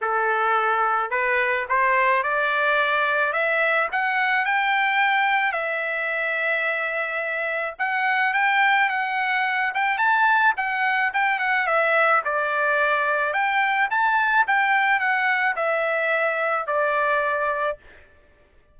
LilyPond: \new Staff \with { instrumentName = "trumpet" } { \time 4/4 \tempo 4 = 108 a'2 b'4 c''4 | d''2 e''4 fis''4 | g''2 e''2~ | e''2 fis''4 g''4 |
fis''4. g''8 a''4 fis''4 | g''8 fis''8 e''4 d''2 | g''4 a''4 g''4 fis''4 | e''2 d''2 | }